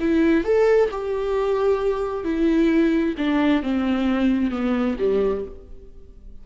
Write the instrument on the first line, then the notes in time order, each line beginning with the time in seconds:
viola
0.00 E4
0.44 A4
0.91 G4
2.24 E4
3.18 D4
3.63 C4
4.51 B3
4.99 G3